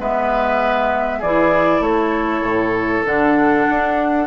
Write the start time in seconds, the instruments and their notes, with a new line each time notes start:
0.00 bassoon G#3, clarinet B3, oboe B4, flute E5
1.19 bassoon E3, clarinet E4, oboe G#4, flute D5
1.80 bassoon A3, oboe A4, flute C#5
2.42 bassoon A2
3.05 bassoon D3, clarinet D4, flute F#5
3.70 bassoon D4